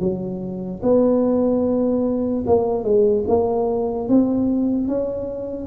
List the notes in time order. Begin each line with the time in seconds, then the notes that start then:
0.00 F#3
0.83 B3
2.47 A#3
2.84 G#3
3.28 A#3
4.09 C4
4.88 C#4